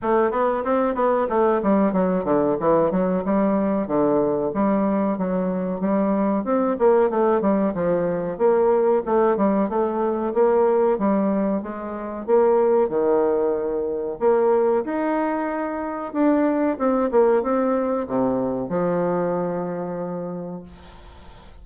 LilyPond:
\new Staff \with { instrumentName = "bassoon" } { \time 4/4 \tempo 4 = 93 a8 b8 c'8 b8 a8 g8 fis8 d8 | e8 fis8 g4 d4 g4 | fis4 g4 c'8 ais8 a8 g8 | f4 ais4 a8 g8 a4 |
ais4 g4 gis4 ais4 | dis2 ais4 dis'4~ | dis'4 d'4 c'8 ais8 c'4 | c4 f2. | }